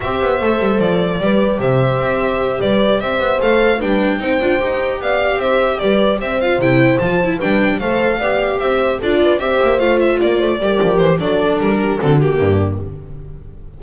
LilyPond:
<<
  \new Staff \with { instrumentName = "violin" } { \time 4/4 \tempo 4 = 150 e''2 d''2 | e''2~ e''8 d''4 e''8~ | e''8 f''4 g''2~ g''8~ | g''8 f''4 e''4 d''4 e''8 |
f''8 g''4 a''4 g''4 f''8~ | f''4. e''4 d''4 e''8~ | e''8 f''8 e''8 d''2 c''8 | d''4 ais'4 a'8 g'4. | }
  \new Staff \with { instrumentName = "horn" } { \time 4/4 c''2. b'4 | c''2~ c''8 b'4 c''8~ | c''4. b'4 c''4.~ | c''8 d''4 c''4 b'4 c''8~ |
c''2~ c''8 b'4 c''8~ | c''8 d''4 c''4 a'8 b'8 c''8~ | c''4. d''8 c''8 ais'4. | a'4. g'8 fis'4 d'4 | }
  \new Staff \with { instrumentName = "viola" } { \time 4/4 g'4 a'2 g'4~ | g'1~ | g'8 a'4 d'4 dis'8 f'8 g'8~ | g'1 |
f'8 e'4 f'8 e'8 d'4 a'8~ | a'8 g'2 f'4 g'8~ | g'8 f'2 g'4. | d'2 c'8 ais4. | }
  \new Staff \with { instrumentName = "double bass" } { \time 4/4 c'8 b8 a8 g8 f4 g4 | c4 c'4. g4 c'8 | b8 a4 g4 c'8 d'8 dis'8~ | dis'8 b4 c'4 g4 c'8~ |
c'8 c4 f4 g4 a8~ | a8 b4 c'4 d'4 c'8 | ais8 a4 ais8 a8 g8 f8 e8 | fis4 g4 d4 g,4 | }
>>